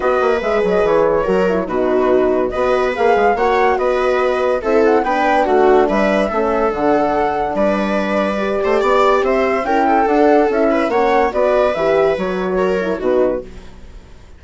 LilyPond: <<
  \new Staff \with { instrumentName = "flute" } { \time 4/4 \tempo 4 = 143 dis''4 e''8 dis''8 cis''2 | b'2 dis''4 f''4 | fis''4 dis''2 e''8 fis''8 | g''4 fis''4 e''2 |
fis''2 d''2~ | d''2 e''4 g''4 | fis''4 e''4 fis''4 d''4 | e''4 cis''2 b'4 | }
  \new Staff \with { instrumentName = "viola" } { \time 4/4 b'2. ais'4 | fis'2 b'2 | cis''4 b'2 a'4 | b'4 fis'4 b'4 a'4~ |
a'2 b'2~ | b'8 c''8 d''4 c''4 ais'8 a'8~ | a'4. b'8 cis''4 b'4~ | b'2 ais'4 fis'4 | }
  \new Staff \with { instrumentName = "horn" } { \time 4/4 fis'4 gis'2 fis'8 e'8 | dis'2 fis'4 gis'4 | fis'2. e'4 | d'2. cis'4 |
d'1 | g'2. e'4 | d'4 e'4 cis'4 fis'4 | g'4 fis'4. e'8 dis'4 | }
  \new Staff \with { instrumentName = "bassoon" } { \time 4/4 b8 ais8 gis8 fis8 e4 fis4 | b,2 b4 ais8 gis8 | ais4 b2 c'4 | b4 a4 g4 a4 |
d2 g2~ | g8 a8 b4 c'4 cis'4 | d'4 cis'4 ais4 b4 | e4 fis2 b,4 | }
>>